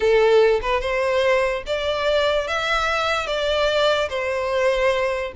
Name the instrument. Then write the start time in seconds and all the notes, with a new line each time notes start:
violin
0.00 A4
0.61 B4
0.81 C5
1.66 D5
2.47 E5
3.26 D5
4.09 C5